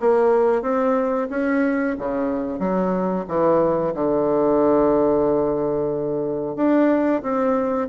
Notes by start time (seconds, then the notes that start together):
0.00 A#3
0.62 C4
1.30 C#4
1.98 C#3
2.59 F#3
3.28 E3
3.94 D3
6.56 D4
7.23 C4